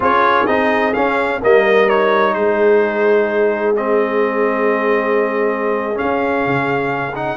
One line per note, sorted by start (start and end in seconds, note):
0.00 0.45 C#4
0.00 0.46 F4
0.00 1.41 G#4
0.00 0.46 C#5
0.46 0.95 C4
0.46 0.93 D#4
0.46 0.93 D#5
0.93 1.40 C#4
0.93 1.43 C#4
0.93 1.40 F5
1.41 2.34 G3
1.41 1.88 A#3
1.41 2.34 A#4
1.41 1.89 D#5
1.88 3.76 D#4
1.88 2.33 C#5
2.33 5.98 G#3
2.33 7.37 G#4
2.33 3.74 C5
3.75 5.94 C4
3.75 5.98 D#5
5.94 7.11 C#4
5.94 7.15 F5
6.00 6.46 C#4
6.46 7.37 C#3
7.15 7.37 D#4
7.15 7.37 F#5